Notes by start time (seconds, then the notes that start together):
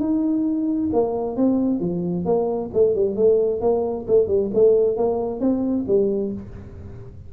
0.00 D#4
0.93 A#3
1.36 C4
1.80 F3
2.25 A#3
2.74 A3
2.95 G3
3.16 A3
3.61 A#3
4.08 A3
4.28 G3
4.54 A3
4.97 A#3
5.40 C4
5.88 G3